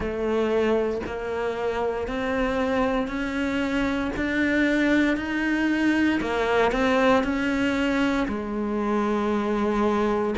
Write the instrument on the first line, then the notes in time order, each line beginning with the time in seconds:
cello
0.00 A3
1.06 A#3
2.07 C4
3.08 C#4
4.16 D4
5.17 D#4
6.20 A#3
6.71 C4
7.23 C#4
8.28 G#3